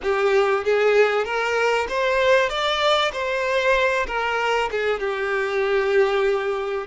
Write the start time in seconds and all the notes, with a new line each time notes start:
0.03 G4
0.64 G#4
1.24 A#4
1.88 C5
2.49 D5
3.12 C5
4.07 A#4
4.71 G#4
4.99 G4